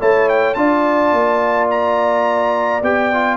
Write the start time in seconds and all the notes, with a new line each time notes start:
0.00 A3 E4 C#5 A5
0.29 G5
0.54 D4 F4 D5 A5
1.12 A#3
1.70 A#5
2.82 B3 G4 G5
3.13 F4